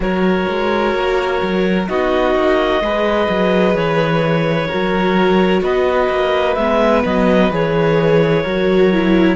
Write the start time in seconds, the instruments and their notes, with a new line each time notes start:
0.00 cello F#3, viola F#4, violin A#4, clarinet C#5
0.48 cello G#3
0.94 cello A#3
1.41 cello F#3
1.88 cello B3, viola D#4, violin F#4, clarinet D#5
2.35 cello A#3
2.80 cello G#3, viola G#4, violin B4
3.29 cello F#3
3.74 cello E3, clarinet C#5
4.67 viola F#4, violin A#4
4.73 cello F#3
5.61 cello B3, violin B4, clarinet D#5
6.09 cello A#3
6.54 cello G#3, viola B3, clarinet E5
7.05 cello F#3, clarinet D#5
7.50 cello E3, viola G#4, clarinet C#5
8.42 cello F#3, viola F#4, violin A#4
8.92 viola E4